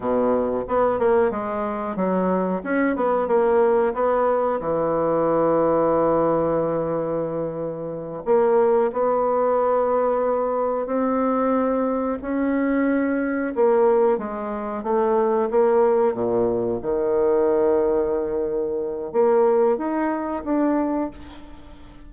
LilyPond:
\new Staff \with { instrumentName = "bassoon" } { \time 4/4 \tempo 4 = 91 b,4 b8 ais8 gis4 fis4 | cis'8 b8 ais4 b4 e4~ | e1~ | e8 ais4 b2~ b8~ |
b8 c'2 cis'4.~ | cis'8 ais4 gis4 a4 ais8~ | ais8 ais,4 dis2~ dis8~ | dis4 ais4 dis'4 d'4 | }